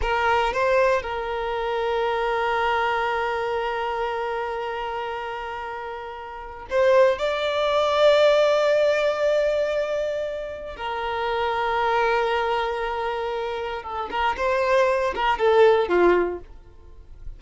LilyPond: \new Staff \with { instrumentName = "violin" } { \time 4/4 \tempo 4 = 117 ais'4 c''4 ais'2~ | ais'1~ | ais'1~ | ais'4 c''4 d''2~ |
d''1~ | d''4 ais'2.~ | ais'2. a'8 ais'8 | c''4. ais'8 a'4 f'4 | }